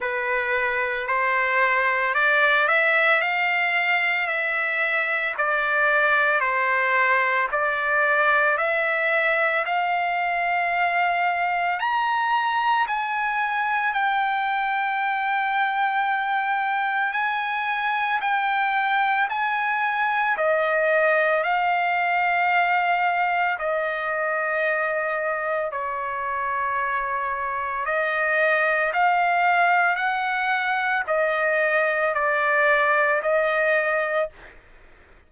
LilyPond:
\new Staff \with { instrumentName = "trumpet" } { \time 4/4 \tempo 4 = 56 b'4 c''4 d''8 e''8 f''4 | e''4 d''4 c''4 d''4 | e''4 f''2 ais''4 | gis''4 g''2. |
gis''4 g''4 gis''4 dis''4 | f''2 dis''2 | cis''2 dis''4 f''4 | fis''4 dis''4 d''4 dis''4 | }